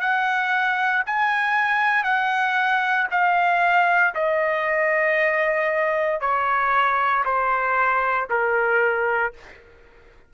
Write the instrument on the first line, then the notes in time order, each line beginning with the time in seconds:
trumpet
0.00 F#5
1.06 G#5
2.04 F#5
3.11 F5
4.14 D#5
6.21 C#5
7.25 C5
8.29 A#4